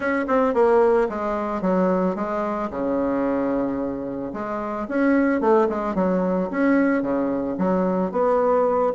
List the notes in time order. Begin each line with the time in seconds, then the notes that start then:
0.00 C#4
0.27 C4
0.54 A#3
1.09 G#3
1.61 F#3
2.15 G#3
2.70 C#3
4.33 G#3
4.88 C#4
5.40 A3
5.69 G#3
5.95 F#3
6.50 C#4
7.02 C#3
7.57 F#3
8.11 B3